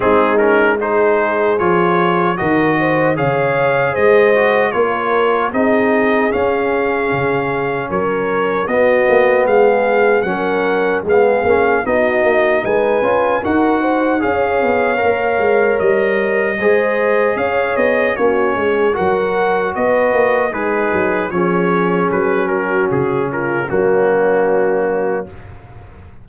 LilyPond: <<
  \new Staff \with { instrumentName = "trumpet" } { \time 4/4 \tempo 4 = 76 gis'8 ais'8 c''4 cis''4 dis''4 | f''4 dis''4 cis''4 dis''4 | f''2 cis''4 dis''4 | f''4 fis''4 f''4 dis''4 |
gis''4 fis''4 f''2 | dis''2 f''8 dis''8 cis''4 | fis''4 dis''4 b'4 cis''4 | b'8 ais'8 gis'8 ais'8 fis'2 | }
  \new Staff \with { instrumentName = "horn" } { \time 4/4 dis'4 gis'2 ais'8 c''8 | cis''4 c''4 ais'4 gis'4~ | gis'2 ais'4 fis'4 | gis'4 ais'4 gis'4 fis'4 |
b'4 ais'8 c''8 cis''2~ | cis''4 c''4 cis''4 fis'8 gis'8 | ais'4 b'4 dis'4 gis'4~ | gis'8 fis'4 f'8 cis'2 | }
  \new Staff \with { instrumentName = "trombone" } { \time 4/4 c'8 cis'8 dis'4 f'4 fis'4 | gis'4. fis'8 f'4 dis'4 | cis'2. b4~ | b4 cis'4 b8 cis'8 dis'4~ |
dis'8 f'8 fis'4 gis'4 ais'4~ | ais'4 gis'2 cis'4 | fis'2 gis'4 cis'4~ | cis'2 ais2 | }
  \new Staff \with { instrumentName = "tuba" } { \time 4/4 gis2 f4 dis4 | cis4 gis4 ais4 c'4 | cis'4 cis4 fis4 b8 ais8 | gis4 fis4 gis8 ais8 b8 ais8 |
gis8 cis'8 dis'4 cis'8 b8 ais8 gis8 | g4 gis4 cis'8 b8 ais8 gis8 | fis4 b8 ais8 gis8 fis8 f4 | fis4 cis4 fis2 | }
>>